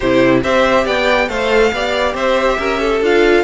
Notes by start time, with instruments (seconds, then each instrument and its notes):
0.00 cello C3, viola E4, violin G4 C5
0.43 cello C4, viola G4, violin C5 E5
0.84 cello B3, violin D5 G5
1.28 cello A3, viola A4, violin C5 F5
1.72 cello B3, viola G4, violin D5
2.14 cello C4, violin C5 E5
2.58 cello C#4, violin A#4
2.79 violin A4
3.00 cello D4, viola F4, violin F5